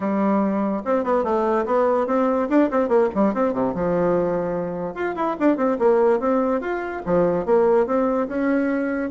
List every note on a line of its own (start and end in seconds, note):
0.00 0.82 G3
0.85 1.03 C4
1.03 1.23 B3
1.23 1.65 A3
1.65 2.07 B3
2.07 2.48 C4
2.49 2.69 D4
2.70 2.88 C4
2.88 3.08 A#3
3.14 3.34 G3
3.34 3.53 C4
3.53 3.74 C3
3.74 4.94 F3
4.94 5.15 F4
5.15 5.36 E4
5.39 5.57 D4
5.57 5.77 C4
5.78 6.19 A#3
6.19 6.60 C4
6.60 7.02 F4
7.05 7.45 F3
7.45 7.86 A#3
7.86 8.27 C4
8.28 9.10 C#4